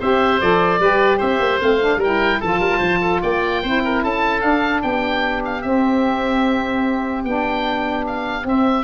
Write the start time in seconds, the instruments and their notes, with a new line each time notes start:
0.00 tuba C4, saxophone G4, oboe C5 E5
0.41 tuba F3, saxophone A4, oboe D5
0.80 tuba G3, saxophone G4, oboe B4
1.18 tuba C4, oboe C5 E5
1.40 tuba A#3
1.60 tuba A3, saxophone C4, oboe F5
1.81 saxophone D4
1.97 tuba G3, oboe A#4
2.04 saxophone E4, oboe G5
2.40 tuba F3, saxophone F4, oboe A4 A5
2.59 tuba G3, oboe A#4
2.78 tuba F3, oboe C5
3.02 oboe A4
3.22 tuba A#3, oboe D5 G5
3.63 tuba C4, saxophone E4, oboe C5
3.84 oboe A#4
4.04 tuba C#4, oboe A4 A5
4.40 saxophone D4, tuba D4, oboe F5
4.82 tuba B3, oboe G4 G5
5.45 oboe F5
5.62 tuba C4, saxophone C4, oboe E5
7.25 tuba B3, saxophone D4, oboe G5
8.07 oboe F5
8.43 saxophone C4, tuba C4, oboe E5